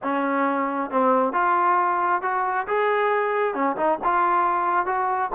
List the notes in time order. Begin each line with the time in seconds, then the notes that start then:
0.03 C#4
0.90 C4
1.33 F4
2.22 F#4
2.67 G#4
3.54 C#4
3.76 D#4
4.04 F4
4.86 F#4